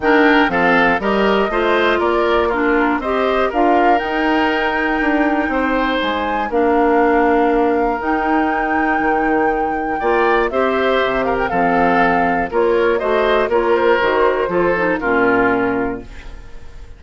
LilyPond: <<
  \new Staff \with { instrumentName = "flute" } { \time 4/4 \tempo 4 = 120 g''4 f''4 dis''2 | d''4 ais'4 dis''4 f''4 | g''1 | gis''4 f''2. |
g''1~ | g''4 e''4. f''16 g''16 f''4~ | f''4 cis''4 dis''4 cis''8 c''8~ | c''2 ais'2 | }
  \new Staff \with { instrumentName = "oboe" } { \time 4/4 ais'4 a'4 ais'4 c''4 | ais'4 f'4 c''4 ais'4~ | ais'2. c''4~ | c''4 ais'2.~ |
ais'1 | d''4 c''4. ais'8 a'4~ | a'4 ais'4 c''4 ais'4~ | ais'4 a'4 f'2 | }
  \new Staff \with { instrumentName = "clarinet" } { \time 4/4 d'4 c'4 g'4 f'4~ | f'4 d'4 g'4 f'4 | dis'1~ | dis'4 d'2. |
dis'1 | f'4 g'2 c'4~ | c'4 f'4 fis'4 f'4 | fis'4 f'8 dis'8 cis'2 | }
  \new Staff \with { instrumentName = "bassoon" } { \time 4/4 dis4 f4 g4 a4 | ais2 c'4 d'4 | dis'2 d'4 c'4 | gis4 ais2. |
dis'2 dis2 | ais4 c'4 c4 f4~ | f4 ais4 a4 ais4 | dis4 f4 ais,2 | }
>>